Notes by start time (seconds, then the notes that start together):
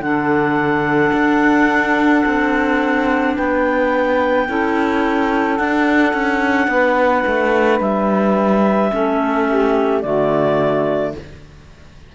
0.00 D3 D4 A4 F#5
1.12 D4
2.25 C4
3.35 B3 B4 G5
4.47 C#4 E4 A4
5.57 D4 F#5
6.13 C#4
6.67 B3 B4
7.27 A3
7.80 G3 E5
8.92 A3 C#4 A4
9.48 G4
10.01 D3 A3 F#4 D5